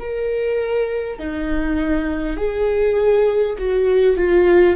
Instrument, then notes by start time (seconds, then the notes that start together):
viola
0.00 A#4
1.19 D#4
2.37 G#4
3.59 F#4
4.17 F4